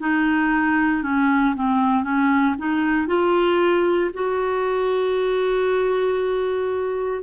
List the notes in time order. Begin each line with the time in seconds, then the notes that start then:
0.00 D#4
1.03 C#4
1.55 C4
2.03 C#4
2.58 D#4
3.07 F4
4.13 F#4